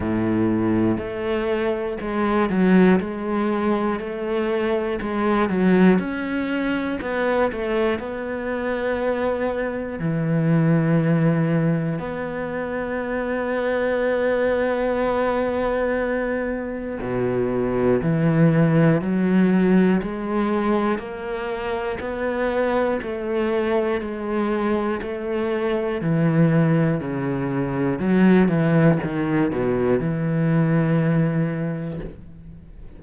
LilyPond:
\new Staff \with { instrumentName = "cello" } { \time 4/4 \tempo 4 = 60 a,4 a4 gis8 fis8 gis4 | a4 gis8 fis8 cis'4 b8 a8 | b2 e2 | b1~ |
b4 b,4 e4 fis4 | gis4 ais4 b4 a4 | gis4 a4 e4 cis4 | fis8 e8 dis8 b,8 e2 | }